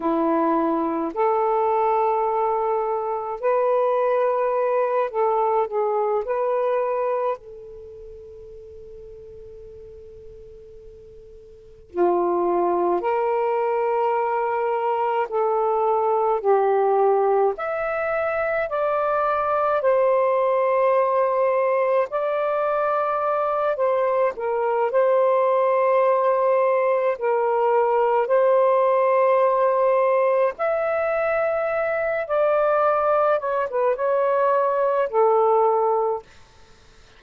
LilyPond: \new Staff \with { instrumentName = "saxophone" } { \time 4/4 \tempo 4 = 53 e'4 a'2 b'4~ | b'8 a'8 gis'8 b'4 a'4.~ | a'2~ a'8 f'4 ais'8~ | ais'4. a'4 g'4 e''8~ |
e''8 d''4 c''2 d''8~ | d''4 c''8 ais'8 c''2 | ais'4 c''2 e''4~ | e''8 d''4 cis''16 b'16 cis''4 a'4 | }